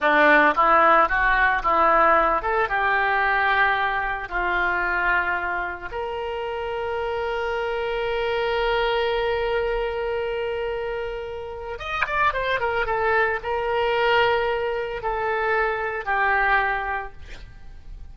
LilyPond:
\new Staff \with { instrumentName = "oboe" } { \time 4/4 \tempo 4 = 112 d'4 e'4 fis'4 e'4~ | e'8 a'8 g'2. | f'2. ais'4~ | ais'1~ |
ais'1~ | ais'2 dis''8 d''8 c''8 ais'8 | a'4 ais'2. | a'2 g'2 | }